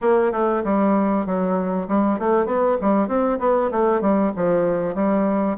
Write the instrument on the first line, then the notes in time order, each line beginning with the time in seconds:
bassoon
0.01 A#3
0.31 A3
0.64 G3
1.25 F#3
1.88 G3
2.19 A3
2.46 B3
2.81 G3
3.08 C4
3.39 B3
3.71 A3
4.01 G3
4.36 F3
4.95 G3